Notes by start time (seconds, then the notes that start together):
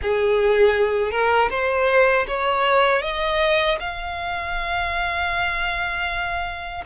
0.02 G#4
1.11 A#4
1.49 C5
2.27 C#5
3.02 D#5
3.80 F5